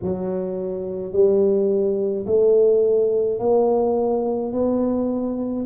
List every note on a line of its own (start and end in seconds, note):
0.02 1.12 F#3
1.12 2.25 G3
2.26 3.39 A3
3.39 4.52 A#3
4.52 5.65 B3